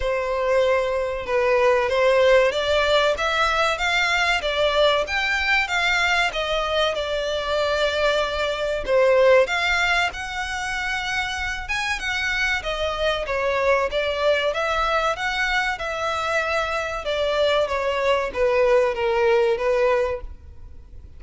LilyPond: \new Staff \with { instrumentName = "violin" } { \time 4/4 \tempo 4 = 95 c''2 b'4 c''4 | d''4 e''4 f''4 d''4 | g''4 f''4 dis''4 d''4~ | d''2 c''4 f''4 |
fis''2~ fis''8 gis''8 fis''4 | dis''4 cis''4 d''4 e''4 | fis''4 e''2 d''4 | cis''4 b'4 ais'4 b'4 | }